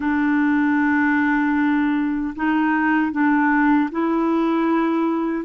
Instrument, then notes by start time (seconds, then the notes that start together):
clarinet
0.00 D4
2.35 D#4
3.11 D4
3.91 E4